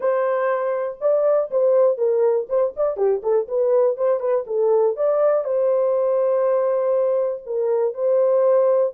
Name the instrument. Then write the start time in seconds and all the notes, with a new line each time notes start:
horn
0.00 C5
1.01 D5
1.50 C5
1.97 A#4
2.49 C5
2.76 D5
2.96 G4
3.22 A4
3.48 B4
3.97 C5
4.20 B4
4.47 A4
4.96 D5
5.44 C5
7.45 A#4
7.93 C5